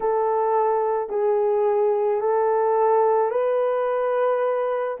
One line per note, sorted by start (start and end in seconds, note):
0.00 1.09 A4
1.09 2.20 G#4
2.20 3.30 A4
3.30 4.97 B4